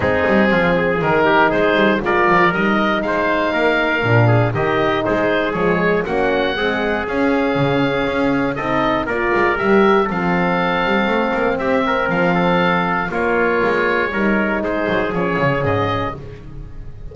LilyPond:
<<
  \new Staff \with { instrumentName = "oboe" } { \time 4/4 \tempo 4 = 119 gis'2 ais'4 c''4 | d''4 dis''4 f''2~ | f''4 dis''4 c''4 cis''4 | fis''2 f''2~ |
f''4 dis''4 d''4 e''4 | f''2. e''4 | f''2 cis''2~ | cis''4 c''4 cis''4 dis''4 | }
  \new Staff \with { instrumentName = "trumpet" } { \time 4/4 dis'4 f'8 gis'4 g'8 gis'4 | ais'2 c''4 ais'4~ | ais'8 gis'8 g'4 gis'2 | fis'4 gis'2.~ |
gis'4 a'4 ais'2 | a'2. g'8 ais'8~ | ais'8 a'4. f'2 | ais'4 gis'2. | }
  \new Staff \with { instrumentName = "horn" } { \time 4/4 c'2 dis'2 | f'4 dis'2. | d'4 dis'2 gis4 | cis'4 gis4 cis'2~ |
cis'4 dis'4 f'4 g'4 | c'1~ | c'2 ais2 | dis'2 cis'2 | }
  \new Staff \with { instrumentName = "double bass" } { \time 4/4 gis8 g8 f4 dis4 gis8 g8 | gis8 f8 g4 gis4 ais4 | ais,4 dis4 gis4 f4 | ais4 c'4 cis'4 cis4 |
cis'4 c'4 ais8 gis8 g4 | f4. g8 a8 ais8 c'4 | f2 ais4 gis4 | g4 gis8 fis8 f8 cis8 gis,4 | }
>>